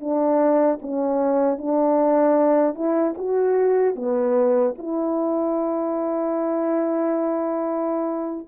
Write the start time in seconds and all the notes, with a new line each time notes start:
0.00 D4
0.81 C#4
1.58 D4
2.75 E4
3.17 F#4
3.95 B3
4.78 E4